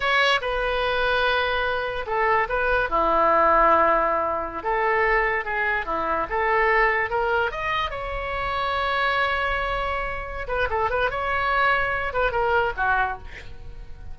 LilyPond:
\new Staff \with { instrumentName = "oboe" } { \time 4/4 \tempo 4 = 146 cis''4 b'2.~ | b'4 a'4 b'4 e'4~ | e'2.~ e'16 a'8.~ | a'4~ a'16 gis'4 e'4 a'8.~ |
a'4~ a'16 ais'4 dis''4 cis''8.~ | cis''1~ | cis''4. b'8 a'8 b'8 cis''4~ | cis''4. b'8 ais'4 fis'4 | }